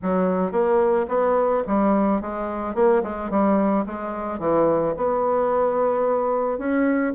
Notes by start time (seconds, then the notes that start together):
0.02 F#3
0.51 A#3
1.08 B3
1.67 G3
2.21 G#3
2.74 A#3
3.03 G#3
3.30 G3
3.85 G#3
4.39 E3
4.96 B3
6.58 C#4